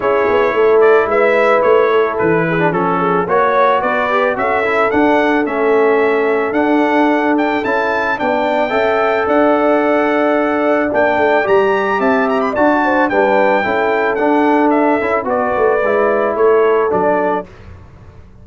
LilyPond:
<<
  \new Staff \with { instrumentName = "trumpet" } { \time 4/4 \tempo 4 = 110 cis''4. d''8 e''4 cis''4 | b'4 a'4 cis''4 d''4 | e''4 fis''4 e''2 | fis''4. g''8 a''4 g''4~ |
g''4 fis''2. | g''4 ais''4 a''8 ais''16 b''16 a''4 | g''2 fis''4 e''4 | d''2 cis''4 d''4 | }
  \new Staff \with { instrumentName = "horn" } { \time 4/4 gis'4 a'4 b'4. a'8~ | a'8 gis'8 a'8 gis'8 cis''4 b'4 | a'1~ | a'2. d''4 |
e''4 d''2.~ | d''2 e''4 d''8 c''8 | b'4 a'2. | b'2 a'2 | }
  \new Staff \with { instrumentName = "trombone" } { \time 4/4 e'1~ | e'8. d'16 cis'4 fis'4. g'8 | fis'8 e'8 d'4 cis'2 | d'2 e'4 d'4 |
a'1 | d'4 g'2 fis'4 | d'4 e'4 d'4. e'8 | fis'4 e'2 d'4 | }
  \new Staff \with { instrumentName = "tuba" } { \time 4/4 cis'8 b8 a4 gis4 a4 | e4 f4 ais4 b4 | cis'4 d'4 a2 | d'2 cis'4 b4 |
cis'4 d'2. | ais8 a8 g4 c'4 d'4 | g4 cis'4 d'4. cis'8 | b8 a8 gis4 a4 fis4 | }
>>